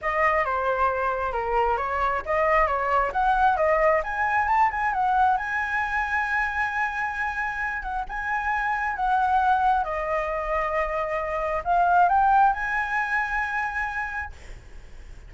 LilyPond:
\new Staff \with { instrumentName = "flute" } { \time 4/4 \tempo 4 = 134 dis''4 c''2 ais'4 | cis''4 dis''4 cis''4 fis''4 | dis''4 gis''4 a''8 gis''8 fis''4 | gis''1~ |
gis''4. fis''8 gis''2 | fis''2 dis''2~ | dis''2 f''4 g''4 | gis''1 | }